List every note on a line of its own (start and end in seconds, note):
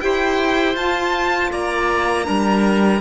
0.00 0.75 E4
0.00 0.75 G4
0.00 1.51 C5
0.00 0.75 G5
0.75 1.50 F4
0.75 2.23 F4
0.75 1.51 A5
1.51 2.27 A#3
1.51 2.26 D5
1.51 3.01 A#5
2.23 3.01 G3
2.23 2.98 D4
2.23 3.01 A#4